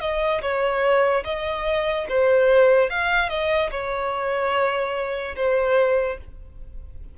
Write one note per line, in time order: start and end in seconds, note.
0.00 0.41 D#5
0.41 1.24 C#5
1.24 2.06 D#5
2.08 2.90 C5
2.90 3.29 F5
3.29 3.70 D#5
3.71 5.35 C#5
5.35 6.18 C5